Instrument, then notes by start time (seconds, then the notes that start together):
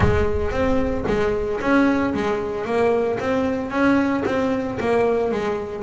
double bass
0.00 G#3
0.51 C4
1.07 G#3
1.60 C#4
2.14 G#3
2.65 A#3
3.19 C4
3.70 C#4
4.25 C4
4.80 A#3
5.31 G#3